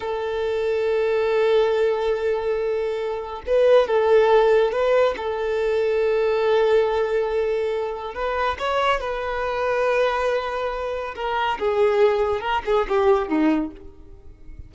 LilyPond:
\new Staff \with { instrumentName = "violin" } { \time 4/4 \tempo 4 = 140 a'1~ | a'1 | b'4 a'2 b'4 | a'1~ |
a'2. b'4 | cis''4 b'2.~ | b'2 ais'4 gis'4~ | gis'4 ais'8 gis'8 g'4 dis'4 | }